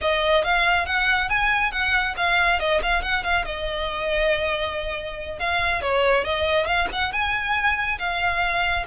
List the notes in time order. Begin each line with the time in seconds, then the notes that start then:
0.01 D#5
0.43 F5
0.86 F#5
1.29 G#5
1.71 F#5
2.16 F5
2.59 D#5
2.82 F5
3.02 F#5
3.23 F5
3.45 D#5
5.39 F5
5.81 C#5
6.24 D#5
6.66 F5
6.92 F#5
7.12 G#5
7.98 F5